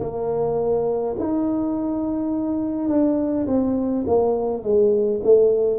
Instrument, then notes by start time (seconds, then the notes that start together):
tuba
0.00 A#3
1.19 D#4
2.88 D4
3.47 C4
4.06 A#3
4.63 G#3
5.23 A3